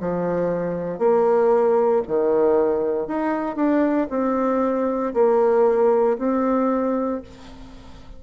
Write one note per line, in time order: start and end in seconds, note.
0.00 0.98 F3
0.98 2.02 A#3
2.07 3.07 D#3
3.07 3.55 D#4
3.55 4.07 D4
4.10 5.13 C4
5.13 6.17 A#3
6.18 7.21 C4